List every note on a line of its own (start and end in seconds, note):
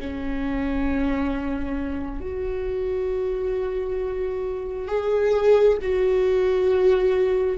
0.00 2.20 C#4
2.20 4.88 F#4
4.88 5.78 G#4
5.82 7.58 F#4